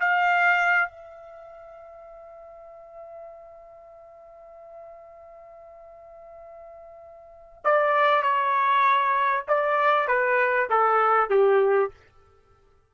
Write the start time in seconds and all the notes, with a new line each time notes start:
0.00 F5
0.88 E5
7.64 D5
8.22 C#5
9.47 D5
10.07 B4
10.69 A4
11.29 G4